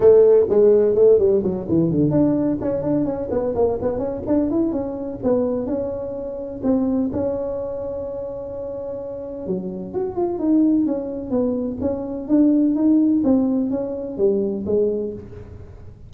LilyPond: \new Staff \with { instrumentName = "tuba" } { \time 4/4 \tempo 4 = 127 a4 gis4 a8 g8 fis8 e8 | d8 d'4 cis'8 d'8 cis'8 b8 ais8 | b8 cis'8 d'8 e'8 cis'4 b4 | cis'2 c'4 cis'4~ |
cis'1 | fis4 fis'8 f'8 dis'4 cis'4 | b4 cis'4 d'4 dis'4 | c'4 cis'4 g4 gis4 | }